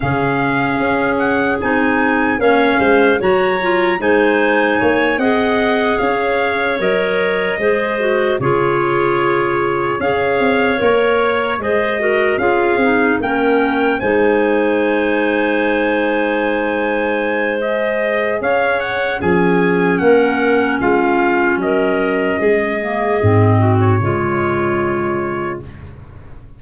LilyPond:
<<
  \new Staff \with { instrumentName = "trumpet" } { \time 4/4 \tempo 4 = 75 f''4. fis''8 gis''4 f''4 | ais''4 gis''4. fis''4 f''8~ | f''8 dis''2 cis''4.~ | cis''8 f''4 cis''4 dis''4 f''8~ |
f''8 g''4 gis''2~ gis''8~ | gis''2 dis''4 f''8 fis''8 | gis''4 fis''4 f''4 dis''4~ | dis''4.~ dis''16 cis''2~ cis''16 | }
  \new Staff \with { instrumentName = "clarinet" } { \time 4/4 gis'2. cis''8 c''8 | cis''4 c''4 cis''8 dis''4 cis''8~ | cis''4. c''4 gis'4.~ | gis'8 cis''2 c''8 ais'8 gis'8~ |
gis'8 ais'4 c''2~ c''8~ | c''2. cis''4 | gis'4 ais'4 f'4 ais'4 | gis'4. fis'8 f'2 | }
  \new Staff \with { instrumentName = "clarinet" } { \time 4/4 cis'2 dis'4 cis'4 | fis'8 f'8 dis'4. gis'4.~ | gis'8 ais'4 gis'8 fis'8 f'4.~ | f'8 gis'4 ais'4 gis'8 fis'8 f'8 |
dis'8 cis'4 dis'2~ dis'8~ | dis'2 gis'2 | cis'1~ | cis'8 ais8 c'4 gis2 | }
  \new Staff \with { instrumentName = "tuba" } { \time 4/4 cis4 cis'4 c'4 ais8 gis8 | fis4 gis4 ais8 c'4 cis'8~ | cis'8 fis4 gis4 cis4.~ | cis8 cis'8 c'8 ais4 gis4 cis'8 |
c'8 ais4 gis2~ gis8~ | gis2. cis'4 | f4 ais4 gis4 fis4 | gis4 gis,4 cis2 | }
>>